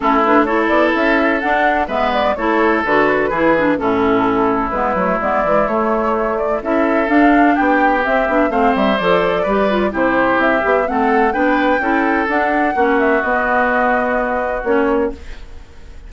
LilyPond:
<<
  \new Staff \with { instrumentName = "flute" } { \time 4/4 \tempo 4 = 127 a'8 b'8 cis''8 d''8 e''4 fis''4 | e''8 d''8 cis''4 b'2 | a'2 b'4 d''4 | cis''4. d''8 e''4 f''4 |
g''4 e''4 f''8 e''8 d''4~ | d''4 c''4 e''4 fis''4 | g''2 fis''4. e''8 | dis''2. cis''4 | }
  \new Staff \with { instrumentName = "oboe" } { \time 4/4 e'4 a'2. | b'4 a'2 gis'4 | e'1~ | e'2 a'2 |
g'2 c''2 | b'4 g'2 a'4 | b'4 a'2 fis'4~ | fis'1 | }
  \new Staff \with { instrumentName = "clarinet" } { \time 4/4 cis'8 d'8 e'2 d'4 | b4 e'4 fis'4 e'8 d'8 | cis'2 b8 a8 b8 gis8 | a2 e'4 d'4~ |
d'4 c'8 d'8 c'4 a'4 | g'8 f'8 e'4. g'8 c'4 | d'4 e'4 d'4 cis'4 | b2. cis'4 | }
  \new Staff \with { instrumentName = "bassoon" } { \time 4/4 a4. b8 cis'4 d'4 | gis4 a4 d4 e4 | a,2 gis8 fis8 gis8 e8 | a2 cis'4 d'4 |
b4 c'8 b8 a8 g8 f4 | g4 c4 c'8 b8 a4 | b4 cis'4 d'4 ais4 | b2. ais4 | }
>>